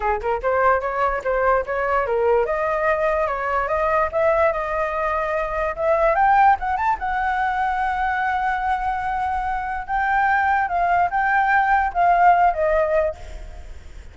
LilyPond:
\new Staff \with { instrumentName = "flute" } { \time 4/4 \tempo 4 = 146 gis'8 ais'8 c''4 cis''4 c''4 | cis''4 ais'4 dis''2 | cis''4 dis''4 e''4 dis''4~ | dis''2 e''4 g''4 |
fis''8 a''8 fis''2.~ | fis''1 | g''2 f''4 g''4~ | g''4 f''4. dis''4. | }